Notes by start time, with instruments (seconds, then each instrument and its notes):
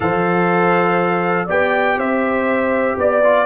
0.00 tuba F3, trombone A4, horn C5, trumpet F5
1.46 tuba B3, trombone G4, horn D5, trumpet G5
1.96 tuba C4, horn C5, trumpet E5
2.97 tuba B3, trumpet D5, horn D5
3.24 trombone F4